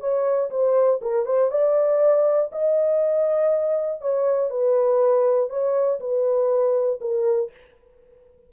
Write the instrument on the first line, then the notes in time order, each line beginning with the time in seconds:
horn
0.00 C#5
0.50 C5
1.02 A#4
1.26 C5
1.51 D5
2.52 D#5
4.01 C#5
4.50 B4
5.50 C#5
6.00 B4
7.01 A#4